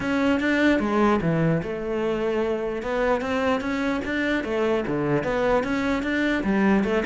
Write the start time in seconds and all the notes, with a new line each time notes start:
0.00 C#4
0.40 D4
0.79 G#3
1.21 E3
1.62 A3
2.82 B3
3.21 C4
3.60 C#4
4.04 D4
4.43 A3
4.87 D3
5.23 B3
5.63 C#4
6.03 D4
6.43 G3
6.84 A3